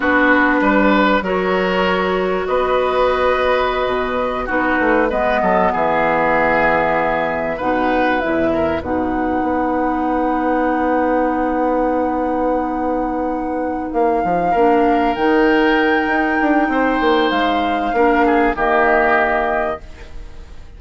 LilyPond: <<
  \new Staff \with { instrumentName = "flute" } { \time 4/4 \tempo 4 = 97 b'2 cis''2 | dis''2.~ dis''16 b'8.~ | b'16 dis''4 e''2~ e''8.~ | e''16 fis''4 e''4 fis''4.~ fis''16~ |
fis''1~ | fis''2~ fis''8 f''4.~ | f''8 g''2.~ g''8 | f''2 dis''2 | }
  \new Staff \with { instrumentName = "oboe" } { \time 4/4 fis'4 b'4 ais'2 | b'2.~ b'16 fis'8.~ | fis'16 b'8 a'8 gis'2~ gis'8.~ | gis'16 b'4. ais'8 b'4.~ b'16~ |
b'1~ | b'2.~ b'8 ais'8~ | ais'2. c''4~ | c''4 ais'8 gis'8 g'2 | }
  \new Staff \with { instrumentName = "clarinet" } { \time 4/4 d'2 fis'2~ | fis'2.~ fis'16 dis'8.~ | dis'16 b2.~ b8.~ | b16 dis'4 e'4 dis'4.~ dis'16~ |
dis'1~ | dis'2.~ dis'8 d'8~ | d'8 dis'2.~ dis'8~ | dis'4 d'4 ais2 | }
  \new Staff \with { instrumentName = "bassoon" } { \time 4/4 b4 g4 fis2 | b2~ b16 b,4 b8 a16~ | a16 gis8 fis8 e2~ e8.~ | e16 b,4 e,4 b,4 b8.~ |
b1~ | b2~ b8 ais8 f8 ais8~ | ais8 dis4. dis'8 d'8 c'8 ais8 | gis4 ais4 dis2 | }
>>